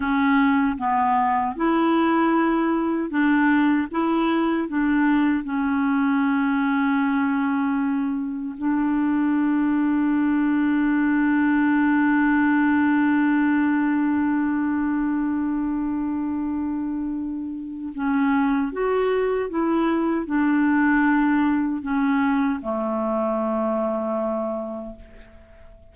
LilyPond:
\new Staff \with { instrumentName = "clarinet" } { \time 4/4 \tempo 4 = 77 cis'4 b4 e'2 | d'4 e'4 d'4 cis'4~ | cis'2. d'4~ | d'1~ |
d'1~ | d'2. cis'4 | fis'4 e'4 d'2 | cis'4 a2. | }